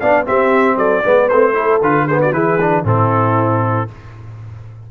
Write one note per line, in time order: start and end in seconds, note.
0.00 0.28 B3
0.00 0.26 D4
0.00 0.27 D5
0.00 0.26 F5
0.26 1.03 C4
0.26 0.76 C4
0.26 0.78 G4
0.26 0.78 E5
0.76 1.02 F#3
0.76 1.03 A4
0.76 1.29 D5
1.04 1.31 G#3
1.04 1.30 B3
1.04 1.54 B4
1.29 1.81 A3
1.29 1.54 C4
1.29 1.80 C5
1.54 1.80 E4
1.54 2.06 A4
1.81 2.32 D3
1.81 2.09 F4
1.81 2.08 B4
2.06 2.34 B3
2.06 2.19 G#4
2.06 2.21 C5
2.21 2.34 F#4
2.21 2.33 D5
2.32 2.84 E3
2.32 2.59 E4
2.32 2.86 G#4
2.32 2.85 B4
2.61 2.85 D4
2.84 3.88 A2
2.84 3.88 C4
2.84 3.90 E4
2.84 3.91 A4